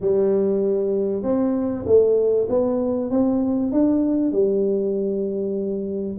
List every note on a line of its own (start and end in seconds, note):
0.00 1.22 G3
1.22 1.84 C4
1.86 2.47 A3
2.49 3.10 B3
3.10 3.72 C4
3.72 4.32 D4
4.32 6.17 G3